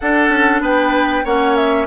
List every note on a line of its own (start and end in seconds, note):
0.00 0.29 D4
0.00 1.25 D4
0.00 0.61 A4
0.00 0.61 F#5
0.29 0.60 C#4
0.61 1.23 B3
0.61 1.24 B4
0.61 1.26 G5
1.24 1.87 A#3
1.24 1.87 C#4
1.24 1.86 C#5
1.24 1.55 F#5
1.55 1.87 E5